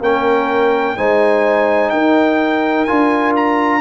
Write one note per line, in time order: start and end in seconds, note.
0.00 0.95 A#3
0.00 0.97 C#4
0.00 0.97 A#4
0.00 0.97 G5
0.97 1.92 G#3
0.97 2.87 D#4
0.97 1.92 C5
0.97 1.90 G#5
1.90 2.87 D#4
1.90 3.80 A#4
1.90 2.85 G5
2.85 3.80 D4
2.85 3.80 F4
2.85 3.32 G#5
3.36 3.80 A#5